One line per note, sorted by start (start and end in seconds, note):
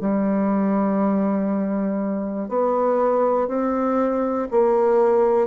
0.00 2.49 G3
2.49 3.48 B3
3.48 4.48 C4
4.51 5.47 A#3